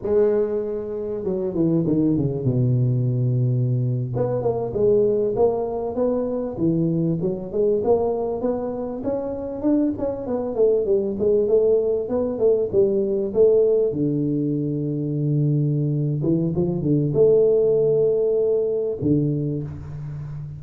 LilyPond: \new Staff \with { instrumentName = "tuba" } { \time 4/4 \tempo 4 = 98 gis2 fis8 e8 dis8 cis8 | b,2~ b,8. b8 ais8 gis16~ | gis8. ais4 b4 e4 fis16~ | fis16 gis8 ais4 b4 cis'4 d'16~ |
d'16 cis'8 b8 a8 g8 gis8 a4 b16~ | b16 a8 g4 a4 d4~ d16~ | d2~ d8 e8 f8 d8 | a2. d4 | }